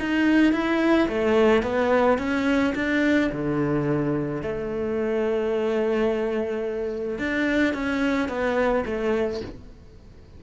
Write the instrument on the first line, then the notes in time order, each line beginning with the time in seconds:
cello
0.00 D#4
0.53 E4
1.09 A3
1.63 B3
2.19 C#4
2.76 D4
3.33 D3
4.43 A3
7.19 D4
7.74 C#4
8.29 B3
8.86 A3